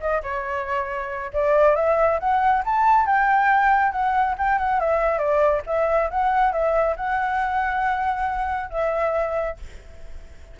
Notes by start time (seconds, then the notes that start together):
0.00 D#5
0.23 C#5
1.33 D5
1.75 E5
2.19 F#5
2.65 A5
3.06 G5
3.92 F#5
4.38 G5
4.58 F#5
4.80 E5
5.18 D5
5.66 E5
6.10 F#5
6.52 E5
6.96 F#5
8.70 E5